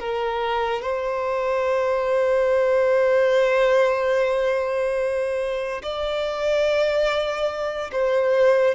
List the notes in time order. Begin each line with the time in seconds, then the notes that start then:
0.00 A#4
0.82 C5
5.83 D5
7.92 C5